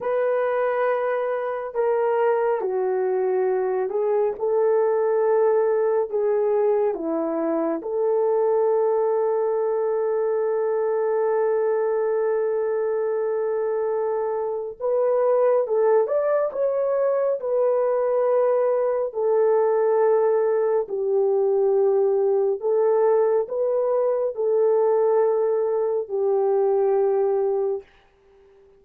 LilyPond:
\new Staff \with { instrumentName = "horn" } { \time 4/4 \tempo 4 = 69 b'2 ais'4 fis'4~ | fis'8 gis'8 a'2 gis'4 | e'4 a'2.~ | a'1~ |
a'4 b'4 a'8 d''8 cis''4 | b'2 a'2 | g'2 a'4 b'4 | a'2 g'2 | }